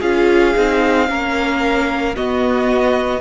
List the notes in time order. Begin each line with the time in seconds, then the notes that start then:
0.00 C#4 F4 G#4 F5
0.55 C4 D#4
1.08 A#3 C#4 A#4
2.15 B3 F#4 D#5